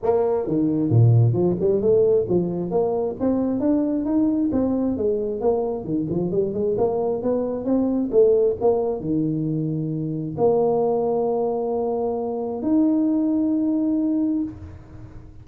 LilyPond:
\new Staff \with { instrumentName = "tuba" } { \time 4/4 \tempo 4 = 133 ais4 dis4 ais,4 f8 g8 | a4 f4 ais4 c'4 | d'4 dis'4 c'4 gis4 | ais4 dis8 f8 g8 gis8 ais4 |
b4 c'4 a4 ais4 | dis2. ais4~ | ais1 | dis'1 | }